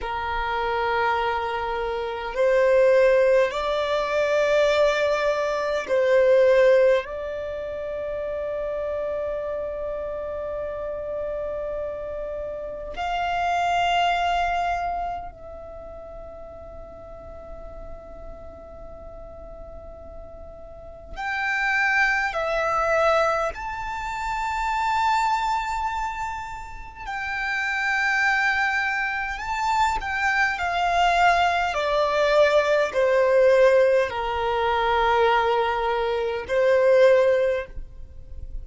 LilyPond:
\new Staff \with { instrumentName = "violin" } { \time 4/4 \tempo 4 = 51 ais'2 c''4 d''4~ | d''4 c''4 d''2~ | d''2. f''4~ | f''4 e''2.~ |
e''2 g''4 e''4 | a''2. g''4~ | g''4 a''8 g''8 f''4 d''4 | c''4 ais'2 c''4 | }